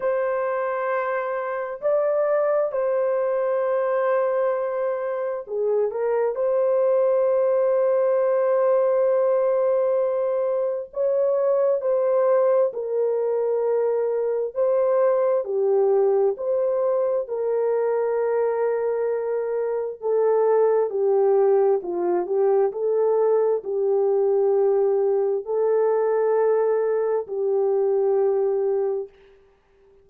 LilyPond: \new Staff \with { instrumentName = "horn" } { \time 4/4 \tempo 4 = 66 c''2 d''4 c''4~ | c''2 gis'8 ais'8 c''4~ | c''1 | cis''4 c''4 ais'2 |
c''4 g'4 c''4 ais'4~ | ais'2 a'4 g'4 | f'8 g'8 a'4 g'2 | a'2 g'2 | }